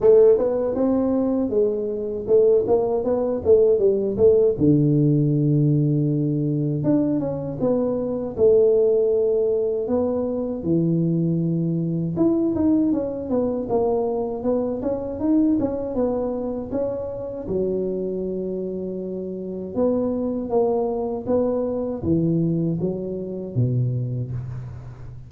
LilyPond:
\new Staff \with { instrumentName = "tuba" } { \time 4/4 \tempo 4 = 79 a8 b8 c'4 gis4 a8 ais8 | b8 a8 g8 a8 d2~ | d4 d'8 cis'8 b4 a4~ | a4 b4 e2 |
e'8 dis'8 cis'8 b8 ais4 b8 cis'8 | dis'8 cis'8 b4 cis'4 fis4~ | fis2 b4 ais4 | b4 e4 fis4 b,4 | }